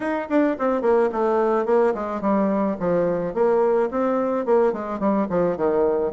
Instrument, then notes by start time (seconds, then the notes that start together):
bassoon
0.00 D#4
0.29 D4
0.58 C4
0.81 A#3
1.12 A3
1.65 A#3
1.94 G#3
2.21 G3
2.79 F3
3.34 A#3
3.90 C4
4.45 A#3
4.72 G#3
4.99 G3
5.29 F3
5.57 D#3